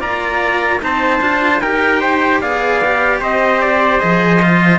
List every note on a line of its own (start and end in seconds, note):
0.00 0.82 A#3
0.00 0.80 F4
0.00 0.81 D5
0.00 0.82 A#5
0.81 1.21 C4
0.81 1.21 D#4
0.81 1.62 C5
0.81 1.61 A5
1.21 1.61 D4
1.21 1.62 F4
1.61 2.41 D#4
1.61 2.44 G4
1.61 2.01 A#4
1.61 2.41 G5
2.01 2.41 C5
2.41 3.21 B3
2.41 2.83 G#4
2.41 3.21 D5
2.41 3.22 F5
2.85 4.00 G4
3.21 4.02 C4
3.21 4.79 C5
3.21 3.61 D#5
3.61 4.00 D5
4.00 4.79 F3
4.00 4.40 G#4
4.00 4.79 D#5
4.43 4.79 F4